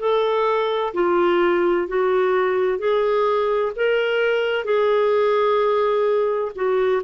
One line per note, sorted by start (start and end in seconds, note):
0.00 0.94 A4
0.94 1.88 F4
1.88 2.79 F#4
2.79 3.72 G#4
3.76 4.65 A#4
4.65 6.52 G#4
6.56 7.03 F#4